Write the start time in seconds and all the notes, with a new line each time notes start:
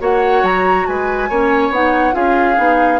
0.00 A#3 F#4 C#5 F#5
0.43 F#3 A#5
0.87 G#3 B4 G#5
1.29 A#3 C#4 C#5
1.70 B3 D#4 F#5
2.12 C#4 F4 G#4 F5
2.56 B3 D#4